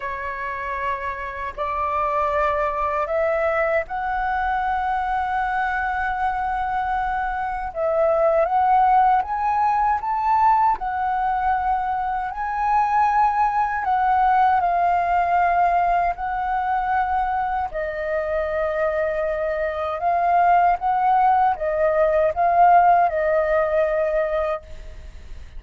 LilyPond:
\new Staff \with { instrumentName = "flute" } { \time 4/4 \tempo 4 = 78 cis''2 d''2 | e''4 fis''2.~ | fis''2 e''4 fis''4 | gis''4 a''4 fis''2 |
gis''2 fis''4 f''4~ | f''4 fis''2 dis''4~ | dis''2 f''4 fis''4 | dis''4 f''4 dis''2 | }